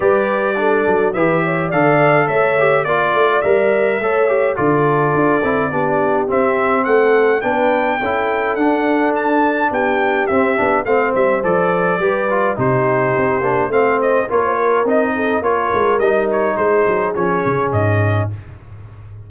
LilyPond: <<
  \new Staff \with { instrumentName = "trumpet" } { \time 4/4 \tempo 4 = 105 d''2 e''4 f''4 | e''4 d''4 e''2 | d''2. e''4 | fis''4 g''2 fis''4 |
a''4 g''4 e''4 f''8 e''8 | d''2 c''2 | f''8 dis''8 cis''4 dis''4 cis''4 | dis''8 cis''8 c''4 cis''4 dis''4 | }
  \new Staff \with { instrumentName = "horn" } { \time 4/4 b'4 a'4 b'8 cis''8 d''4 | cis''4 d''2 cis''4 | a'2 g'2 | a'4 b'4 a'2~ |
a'4 g'2 c''4~ | c''4 b'4 g'2 | c''4 ais'16 c''16 ais'4 a'8 ais'4~ | ais'4 gis'2. | }
  \new Staff \with { instrumentName = "trombone" } { \time 4/4 g'4 d'4 g'4 a'4~ | a'8 g'8 f'4 ais'4 a'8 g'8 | f'4. e'8 d'4 c'4~ | c'4 d'4 e'4 d'4~ |
d'2 c'8 d'8 c'4 | a'4 g'8 f'8 dis'4. d'8 | c'4 f'4 dis'4 f'4 | dis'2 cis'2 | }
  \new Staff \with { instrumentName = "tuba" } { \time 4/4 g4. fis8 e4 d4 | a4 ais8 a8 g4 a4 | d4 d'8 c'8 b4 c'4 | a4 b4 cis'4 d'4~ |
d'4 b4 c'8 b8 a8 g8 | f4 g4 c4 c'8 ais8 | a4 ais4 c'4 ais8 gis8 | g4 gis8 fis8 f8 cis8 gis,4 | }
>>